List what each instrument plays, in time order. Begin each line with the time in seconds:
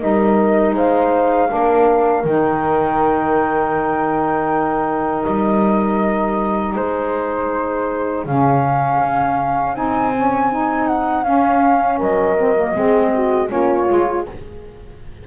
0.00 double bass G3, saxophone D#4, horn A#4, flute D#5
0.74 double bass G#3, horn C5, flute F5
1.48 double bass A#3, saxophone D4, horn A#4
2.25 double bass D#3, saxophone D#4, flute G5
5.24 double bass G3, flute D#5
6.75 double bass G#3, horn G#4, flute C5
8.26 double bass C#3, saxophone C#4, flute F5
9.00 double bass C#4
9.75 double bass C4, saxophone D#4, flute G#5
10.16 saxophone C#4
10.51 saxophone D#4
10.87 flute F#5
11.24 saxophone C#4, double bass C#4, flute F5
11.98 double bass F#3, horn A#4, flute D#5
12.37 saxophone C4
12.57 saxophone A#3
12.75 double bass G#3, saxophone C4, horn G#4
13.15 horn F#4
13.48 double bass A#3, saxophone C#4, horn F4, flute C#5
13.88 double bass G#3, saxophone F4